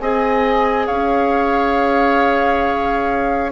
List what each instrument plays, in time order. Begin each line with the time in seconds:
0.00 bassoon C4, clarinet G#4, oboe D#5, flute G#5
0.87 bassoon C#4, oboe C#5, flute F5